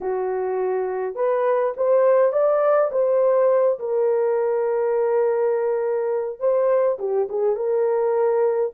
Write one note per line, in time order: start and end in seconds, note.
0.01 1.15 F#4
1.15 1.73 B4
1.76 2.32 C5
2.32 2.90 D5
2.91 3.79 C5
3.79 6.39 A#4
6.39 6.97 C5
6.98 7.28 G4
7.29 7.55 G#4
7.55 8.72 A#4